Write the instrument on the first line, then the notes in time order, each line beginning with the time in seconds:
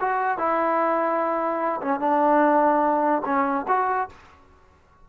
trombone
0.00 F#4
0.38 E4
1.81 C#4
2.00 D4
3.25 C#4
3.68 F#4